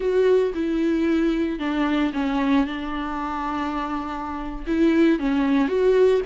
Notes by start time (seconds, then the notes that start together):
0.00 F#4
0.54 E4
1.59 D4
2.13 C#4
2.66 D4
4.67 E4
5.19 C#4
5.68 F#4